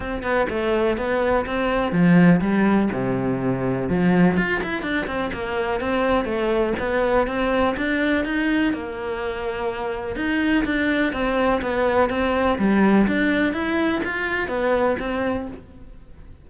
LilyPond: \new Staff \with { instrumentName = "cello" } { \time 4/4 \tempo 4 = 124 c'8 b8 a4 b4 c'4 | f4 g4 c2 | f4 f'8 e'8 d'8 c'8 ais4 | c'4 a4 b4 c'4 |
d'4 dis'4 ais2~ | ais4 dis'4 d'4 c'4 | b4 c'4 g4 d'4 | e'4 f'4 b4 c'4 | }